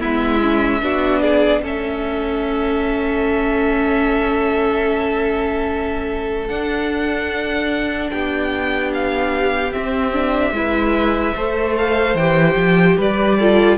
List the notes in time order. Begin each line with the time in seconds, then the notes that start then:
0.00 G#3 B3 E4 E5
0.42 C#4
0.82 B3 D4 F#4
1.21 G#4 D5
1.62 A3 C#4 A4 E5
6.48 D4 F#5
8.11 B3 G4 G5
8.94 F5
9.72 C4 E5
10.13 D4
10.52 G#3 E4 B4
11.36 A3 A4 C5
11.77 F5
12.15 E3 G4 G5
12.56 F3
12.98 G3 B4 D5
13.39 F4 A4